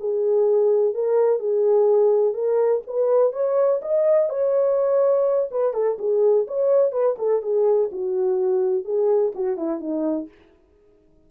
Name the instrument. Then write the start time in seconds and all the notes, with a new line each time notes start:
horn
0.00 G#4
0.94 A#4
1.40 G#4
2.34 A#4
2.87 B4
3.33 C#5
3.82 D#5
4.30 C#5
5.51 B4
5.74 A4
5.99 G#4
6.48 C#5
6.92 B4
7.18 A4
7.42 G#4
7.92 F#4
8.85 G#4
9.35 F#4
9.57 E4
9.80 D#4